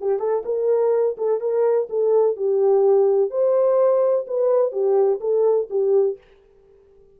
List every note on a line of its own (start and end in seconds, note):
0.00 0.19 G4
0.19 0.43 A4
0.45 1.16 A#4
1.17 1.40 A4
1.40 1.87 A#4
1.89 2.36 A4
2.36 3.30 G4
3.30 4.25 C5
4.27 4.71 B4
4.71 5.19 G4
5.20 5.68 A4
5.69 6.17 G4